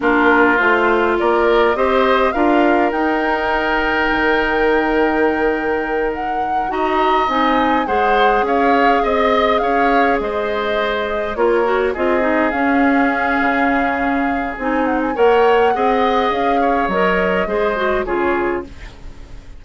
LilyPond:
<<
  \new Staff \with { instrumentName = "flute" } { \time 4/4 \tempo 4 = 103 ais'4 c''4 d''4 dis''4 | f''4 g''2.~ | g''2~ g''8 fis''4 ais''8~ | ais''8 gis''4 fis''4 f''4 dis''8~ |
dis''8 f''4 dis''2 cis''8~ | cis''8 dis''4 f''2~ f''8~ | f''4 gis''8 fis''16 gis''16 fis''2 | f''4 dis''2 cis''4 | }
  \new Staff \with { instrumentName = "oboe" } { \time 4/4 f'2 ais'4 c''4 | ais'1~ | ais'2.~ ais'8 dis''8~ | dis''4. c''4 cis''4 dis''8~ |
dis''8 cis''4 c''2 ais'8~ | ais'8 gis'2.~ gis'8~ | gis'2 cis''4 dis''4~ | dis''8 cis''4. c''4 gis'4 | }
  \new Staff \with { instrumentName = "clarinet" } { \time 4/4 d'4 f'2 g'4 | f'4 dis'2.~ | dis'2.~ dis'8 fis'8~ | fis'8 dis'4 gis'2~ gis'8~ |
gis'2.~ gis'8 f'8 | fis'8 f'8 dis'8 cis'2~ cis'8~ | cis'4 dis'4 ais'4 gis'4~ | gis'4 ais'4 gis'8 fis'8 f'4 | }
  \new Staff \with { instrumentName = "bassoon" } { \time 4/4 ais4 a4 ais4 c'4 | d'4 dis'2 dis4~ | dis2.~ dis8 dis'8~ | dis'8 c'4 gis4 cis'4 c'8~ |
c'8 cis'4 gis2 ais8~ | ais8 c'4 cis'4. cis4~ | cis4 c'4 ais4 c'4 | cis'4 fis4 gis4 cis4 | }
>>